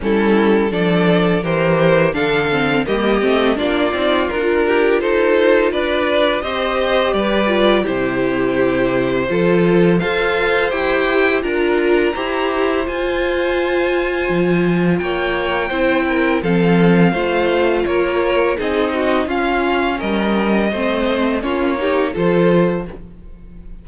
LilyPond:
<<
  \new Staff \with { instrumentName = "violin" } { \time 4/4 \tempo 4 = 84 a'4 d''4 c''4 f''4 | dis''4 d''4 ais'4 c''4 | d''4 dis''4 d''4 c''4~ | c''2 f''4 g''4 |
ais''2 gis''2~ | gis''4 g''2 f''4~ | f''4 cis''4 dis''4 f''4 | dis''2 cis''4 c''4 | }
  \new Staff \with { instrumentName = "violin" } { \time 4/4 e'4 a'4 ais'4 a'4 | g'4 f'4. g'8 a'4 | b'4 c''4 b'4 g'4~ | g'4 a'4 c''2 |
ais'4 c''2.~ | c''4 cis''4 c''8 ais'8 a'4 | c''4 ais'4 gis'8 fis'8 f'4 | ais'4 c''4 f'8 g'8 a'4 | }
  \new Staff \with { instrumentName = "viola" } { \time 4/4 cis'4 d'4 g'4 d'8 c'8 | ais8 c'8 d'8 dis'8 f'2~ | f'4 g'4. f'8 e'4~ | e'4 f'4 a'4 g'4 |
f'4 g'4 f'2~ | f'2 e'4 c'4 | f'2 dis'4 cis'4~ | cis'4 c'4 cis'8 dis'8 f'4 | }
  \new Staff \with { instrumentName = "cello" } { \time 4/4 g4 f4 e4 d4 | g8 a8 ais8 c'8 d'4 dis'4 | d'4 c'4 g4 c4~ | c4 f4 f'4 e'4 |
d'4 e'4 f'2 | f4 ais4 c'4 f4 | a4 ais4 c'4 cis'4 | g4 a4 ais4 f4 | }
>>